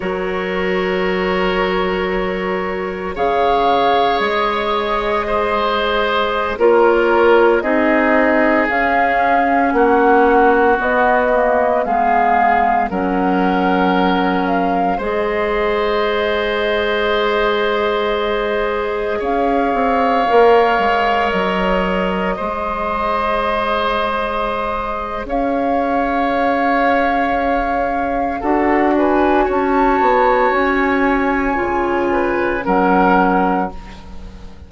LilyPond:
<<
  \new Staff \with { instrumentName = "flute" } { \time 4/4 \tempo 4 = 57 cis''2. f''4 | dis''2~ dis''16 cis''4 dis''8.~ | dis''16 f''4 fis''4 dis''4 f''8.~ | f''16 fis''4. f''8 dis''4.~ dis''16~ |
dis''2~ dis''16 f''4.~ f''16~ | f''16 dis''2.~ dis''8. | f''2. fis''8 gis''8 | a''4 gis''2 fis''4 | }
  \new Staff \with { instrumentName = "oboe" } { \time 4/4 ais'2. cis''4~ | cis''4 c''4~ c''16 ais'4 gis'8.~ | gis'4~ gis'16 fis'2 gis'8.~ | gis'16 ais'2 c''4.~ c''16~ |
c''2~ c''16 cis''4.~ cis''16~ | cis''4~ cis''16 c''2~ c''8. | cis''2. a'8 b'8 | cis''2~ cis''8 b'8 ais'4 | }
  \new Staff \with { instrumentName = "clarinet" } { \time 4/4 fis'2. gis'4~ | gis'2~ gis'16 f'4 dis'8.~ | dis'16 cis'2 b8 ais8 b8.~ | b16 cis'2 gis'4.~ gis'16~ |
gis'2.~ gis'16 ais'8.~ | ais'4~ ais'16 gis'2~ gis'8.~ | gis'2. fis'4~ | fis'2 f'4 cis'4 | }
  \new Staff \with { instrumentName = "bassoon" } { \time 4/4 fis2. cis4 | gis2~ gis16 ais4 c'8.~ | c'16 cis'4 ais4 b4 gis8.~ | gis16 fis2 gis4.~ gis16~ |
gis2~ gis16 cis'8 c'8 ais8 gis16~ | gis16 fis4 gis2~ gis8. | cis'2. d'4 | cis'8 b8 cis'4 cis4 fis4 | }
>>